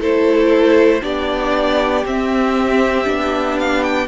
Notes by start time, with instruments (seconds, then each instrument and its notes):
0.00 cello A3, viola E4, violin A4 C5
1.01 cello B3, viola D4, violin G4 D5
2.05 cello C4, viola C4, violin E5
3.04 cello B3, viola D4
3.59 violin F5
3.83 violin G5